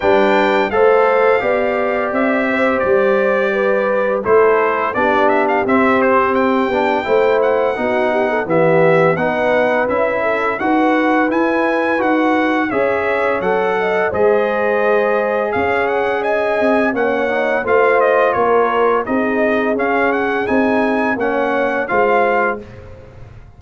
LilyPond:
<<
  \new Staff \with { instrumentName = "trumpet" } { \time 4/4 \tempo 4 = 85 g''4 f''2 e''4 | d''2 c''4 d''8 e''16 f''16 | e''8 c''8 g''4. fis''4. | e''4 fis''4 e''4 fis''4 |
gis''4 fis''4 e''4 fis''4 | dis''2 f''8 fis''8 gis''4 | fis''4 f''8 dis''8 cis''4 dis''4 | f''8 fis''8 gis''4 fis''4 f''4 | }
  \new Staff \with { instrumentName = "horn" } { \time 4/4 b'4 c''4 d''4. c''8~ | c''4 b'4 a'4 g'4~ | g'2 c''4 fis'8 g'16 a'16 | g'4 b'4. a'8 b'4~ |
b'2 cis''4. dis''8 | c''2 cis''4 dis''4 | cis''4 c''4 ais'4 gis'4~ | gis'2 cis''4 c''4 | }
  \new Staff \with { instrumentName = "trombone" } { \time 4/4 d'4 a'4 g'2~ | g'2 e'4 d'4 | c'4. d'8 e'4 dis'4 | b4 dis'4 e'4 fis'4 |
e'4 fis'4 gis'4 a'4 | gis'1 | cis'8 dis'8 f'2 dis'4 | cis'4 dis'4 cis'4 f'4 | }
  \new Staff \with { instrumentName = "tuba" } { \time 4/4 g4 a4 b4 c'4 | g2 a4 b4 | c'4. b8 a4 b4 | e4 b4 cis'4 dis'4 |
e'4 dis'4 cis'4 fis4 | gis2 cis'4. c'8 | ais4 a4 ais4 c'4 | cis'4 c'4 ais4 gis4 | }
>>